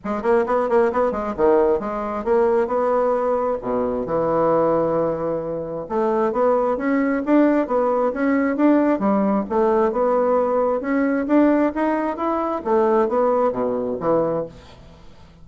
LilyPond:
\new Staff \with { instrumentName = "bassoon" } { \time 4/4 \tempo 4 = 133 gis8 ais8 b8 ais8 b8 gis8 dis4 | gis4 ais4 b2 | b,4 e2.~ | e4 a4 b4 cis'4 |
d'4 b4 cis'4 d'4 | g4 a4 b2 | cis'4 d'4 dis'4 e'4 | a4 b4 b,4 e4 | }